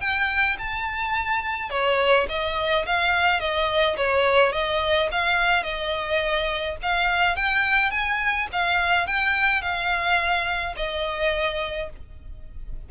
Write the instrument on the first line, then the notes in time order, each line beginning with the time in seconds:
violin
0.00 G5
0.58 A5
1.70 C#5
2.29 D#5
2.86 F5
3.40 D#5
3.97 C#5
4.52 D#5
5.11 F5
5.63 D#5
6.82 F5
7.36 G5
7.90 G#5
8.52 F5
9.07 G5
9.61 F5
10.76 D#5